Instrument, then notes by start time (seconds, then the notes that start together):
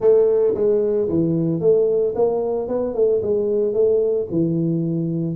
tuba
0.00 A3
0.55 G#3
1.08 E3
1.60 A3
2.15 A#3
2.68 B3
2.94 A3
3.22 G#3
3.73 A3
4.31 E3